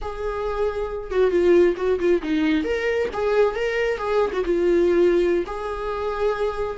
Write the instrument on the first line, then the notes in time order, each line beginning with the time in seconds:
viola
0.01 G#4
1.11 F#4
1.30 F4
1.76 F#4
1.99 F4
2.22 D#4
2.64 A#4
3.13 G#4
3.55 A#4
3.97 G#4
4.32 F#4
4.44 F4
5.46 G#4